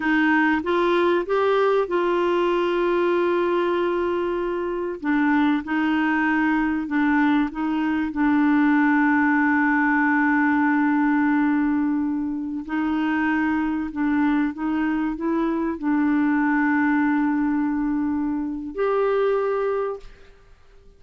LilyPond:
\new Staff \with { instrumentName = "clarinet" } { \time 4/4 \tempo 4 = 96 dis'4 f'4 g'4 f'4~ | f'1 | d'4 dis'2 d'4 | dis'4 d'2.~ |
d'1~ | d'16 dis'2 d'4 dis'8.~ | dis'16 e'4 d'2~ d'8.~ | d'2 g'2 | }